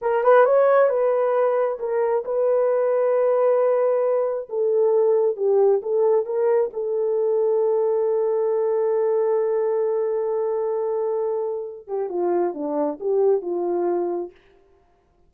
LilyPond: \new Staff \with { instrumentName = "horn" } { \time 4/4 \tempo 4 = 134 ais'8 b'8 cis''4 b'2 | ais'4 b'2.~ | b'2 a'2 | g'4 a'4 ais'4 a'4~ |
a'1~ | a'1~ | a'2~ a'8 g'8 f'4 | d'4 g'4 f'2 | }